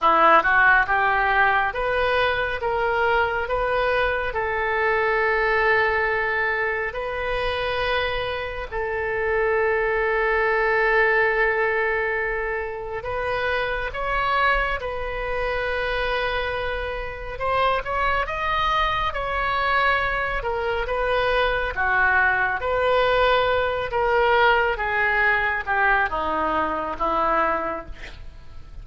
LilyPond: \new Staff \with { instrumentName = "oboe" } { \time 4/4 \tempo 4 = 69 e'8 fis'8 g'4 b'4 ais'4 | b'4 a'2. | b'2 a'2~ | a'2. b'4 |
cis''4 b'2. | c''8 cis''8 dis''4 cis''4. ais'8 | b'4 fis'4 b'4. ais'8~ | ais'8 gis'4 g'8 dis'4 e'4 | }